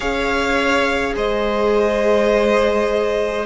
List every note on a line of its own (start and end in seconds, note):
0.00 1.16 C#4
0.00 3.45 G#4
0.00 1.13 C#5
0.00 1.14 F5
1.15 3.45 G#3
1.15 3.45 C5
1.15 3.45 D#5